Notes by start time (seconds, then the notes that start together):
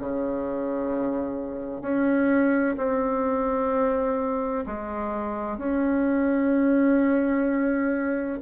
0.00 C#3
1.82 C#4
2.78 C4
4.67 G#3
5.58 C#4